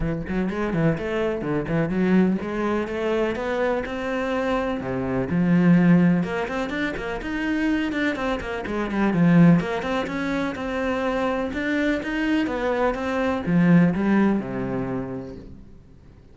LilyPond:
\new Staff \with { instrumentName = "cello" } { \time 4/4 \tempo 4 = 125 e8 fis8 gis8 e8 a4 d8 e8 | fis4 gis4 a4 b4 | c'2 c4 f4~ | f4 ais8 c'8 d'8 ais8 dis'4~ |
dis'8 d'8 c'8 ais8 gis8 g8 f4 | ais8 c'8 cis'4 c'2 | d'4 dis'4 b4 c'4 | f4 g4 c2 | }